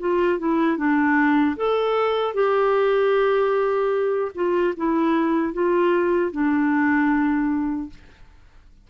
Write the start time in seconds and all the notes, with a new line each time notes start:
0.00 F4
0.39 E4
0.78 D4
1.57 A4
2.34 G4
4.35 F4
4.77 E4
5.54 F4
6.32 D4